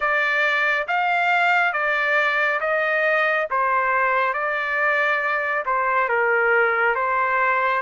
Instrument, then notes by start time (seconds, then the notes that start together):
trumpet
0.00 D5
0.87 F5
1.72 D5
2.60 D#5
3.50 C5
4.33 D5
5.65 C5
6.09 A#4
6.95 C5